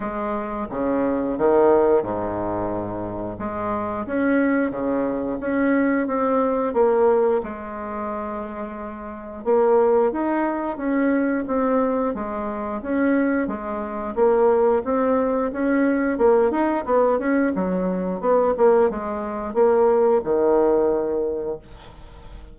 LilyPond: \new Staff \with { instrumentName = "bassoon" } { \time 4/4 \tempo 4 = 89 gis4 cis4 dis4 gis,4~ | gis,4 gis4 cis'4 cis4 | cis'4 c'4 ais4 gis4~ | gis2 ais4 dis'4 |
cis'4 c'4 gis4 cis'4 | gis4 ais4 c'4 cis'4 | ais8 dis'8 b8 cis'8 fis4 b8 ais8 | gis4 ais4 dis2 | }